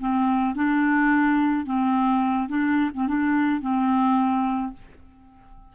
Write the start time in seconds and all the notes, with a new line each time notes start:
0.00 C4
0.55 D4
1.65 C4
2.49 D4
2.94 C4
3.08 D4
3.61 C4